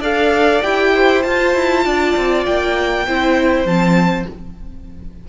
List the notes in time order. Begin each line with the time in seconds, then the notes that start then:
0.00 D4 A4 D5 F5
0.62 E4 G4 G5
0.94 C5
1.23 F4 A5
1.54 E4
1.85 D4 D5
2.16 C4
2.46 A#3 G5
3.07 C4 E4 C5
3.65 F3 C4 A5